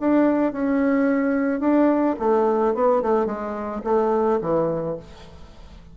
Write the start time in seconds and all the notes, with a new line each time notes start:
0.00 D4
0.53 C#4
1.60 D4
2.19 A3
2.74 B3
3.02 A3
3.26 G#3
3.84 A3
4.41 E3